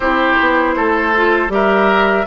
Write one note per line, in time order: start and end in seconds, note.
0.00 0.33 C4
0.00 1.15 E4
0.00 0.74 G4
0.00 1.52 C5
0.40 0.76 B3
0.76 1.49 A3
0.76 1.52 A4
1.15 1.48 F4
1.48 2.25 G3
1.48 2.24 G4
1.48 2.26 A#4
1.48 2.26 E5